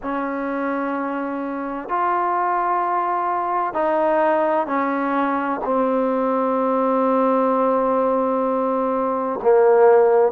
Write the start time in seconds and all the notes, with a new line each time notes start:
0.02 C#4
1.88 F4
3.73 D#4
4.66 C#4
5.64 C4
9.42 A#3